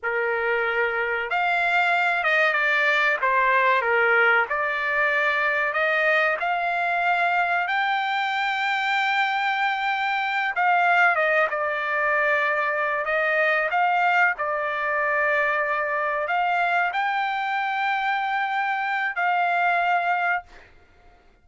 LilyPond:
\new Staff \with { instrumentName = "trumpet" } { \time 4/4 \tempo 4 = 94 ais'2 f''4. dis''8 | d''4 c''4 ais'4 d''4~ | d''4 dis''4 f''2 | g''1~ |
g''8 f''4 dis''8 d''2~ | d''8 dis''4 f''4 d''4.~ | d''4. f''4 g''4.~ | g''2 f''2 | }